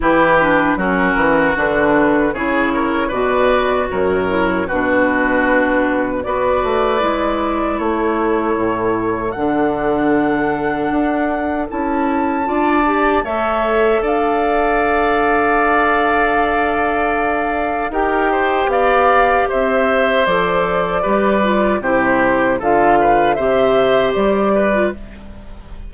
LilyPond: <<
  \new Staff \with { instrumentName = "flute" } { \time 4/4 \tempo 4 = 77 b'4 ais'4 b'4 cis''4 | d''4 cis''4 b'2 | d''2 cis''2 | fis''2. a''4~ |
a''4 e''4 f''2~ | f''2. g''4 | f''4 e''4 d''2 | c''4 f''4 e''4 d''4 | }
  \new Staff \with { instrumentName = "oboe" } { \time 4/4 g'4 fis'2 gis'8 ais'8 | b'4 ais'4 fis'2 | b'2 a'2~ | a'1 |
d''4 cis''4 d''2~ | d''2. ais'8 c''8 | d''4 c''2 b'4 | g'4 a'8 b'8 c''4. b'8 | }
  \new Staff \with { instrumentName = "clarinet" } { \time 4/4 e'8 d'8 cis'4 d'4 e'4 | fis'4. e'8 d'2 | fis'4 e'2. | d'2. e'4 |
f'8 g'8 a'2.~ | a'2. g'4~ | g'2 a'4 g'8 f'8 | e'4 f'4 g'4.~ g'16 f'16 | }
  \new Staff \with { instrumentName = "bassoon" } { \time 4/4 e4 fis8 e8 d4 cis4 | b,4 fis,4 b,2 | b8 a8 gis4 a4 a,4 | d2 d'4 cis'4 |
d'4 a4 d'2~ | d'2. dis'4 | b4 c'4 f4 g4 | c4 d4 c4 g4 | }
>>